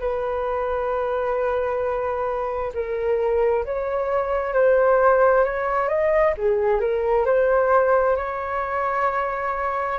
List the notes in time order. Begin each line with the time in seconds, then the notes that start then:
0.00 B4
2.74 A#4
3.66 C#5
4.54 C5
5.45 C#5
5.89 D#5
6.38 G#4
6.81 A#4
7.26 C5
8.17 C#5